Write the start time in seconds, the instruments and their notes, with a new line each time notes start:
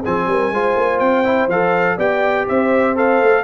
0.00 trombone C4, horn G#4, trumpet G#5
0.07 tuba F3
0.27 tuba G3, horn A#4
0.51 tuba G#3, trombone F4, horn C5
0.76 tuba A#3
0.99 tuba C4, trumpet G5
1.24 trombone E4
1.48 tuba F3, trombone A4, trumpet F5
1.97 tuba B3, trombone G4, horn D5, trumpet G5
2.48 tuba C4, horn C5, trumpet E5
2.96 trombone A4, trumpet F5
3.22 tuba A3